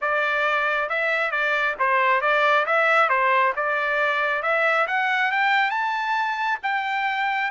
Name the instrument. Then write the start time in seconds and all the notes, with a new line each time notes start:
trumpet
0.01 D5
0.89 E5
1.31 D5
1.79 C5
2.21 D5
2.66 E5
3.09 C5
3.56 D5
4.42 E5
4.87 F#5
5.31 G5
5.70 A5
6.62 G5